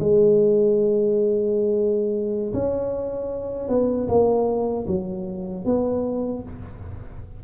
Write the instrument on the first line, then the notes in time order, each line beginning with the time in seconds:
tuba
0.00 G#3
2.53 C#4
3.69 B3
4.08 A#3
4.87 F#3
5.65 B3